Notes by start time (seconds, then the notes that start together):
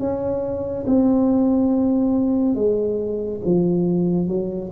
0.00 C#4
0.87 C4
2.56 G#3
3.46 F3
4.28 F#3